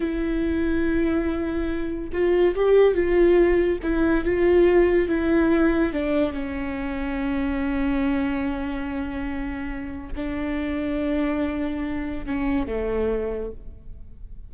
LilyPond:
\new Staff \with { instrumentName = "viola" } { \time 4/4 \tempo 4 = 142 e'1~ | e'4 f'4 g'4 f'4~ | f'4 e'4 f'2 | e'2 d'4 cis'4~ |
cis'1~ | cis'1 | d'1~ | d'4 cis'4 a2 | }